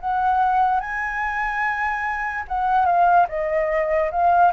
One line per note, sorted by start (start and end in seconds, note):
0.00 0.80 F#5
0.80 2.45 G#5
2.48 2.86 F#5
2.86 3.27 F5
3.29 4.11 D#5
4.11 4.52 F5